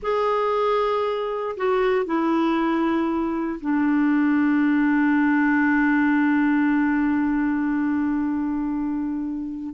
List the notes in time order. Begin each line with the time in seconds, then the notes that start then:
0.02 G#4
1.56 F#4
2.05 E4
3.60 D4